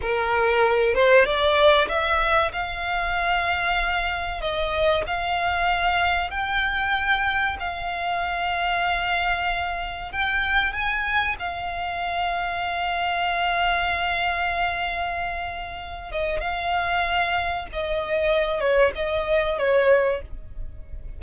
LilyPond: \new Staff \with { instrumentName = "violin" } { \time 4/4 \tempo 4 = 95 ais'4. c''8 d''4 e''4 | f''2. dis''4 | f''2 g''2 | f''1 |
g''4 gis''4 f''2~ | f''1~ | f''4. dis''8 f''2 | dis''4. cis''8 dis''4 cis''4 | }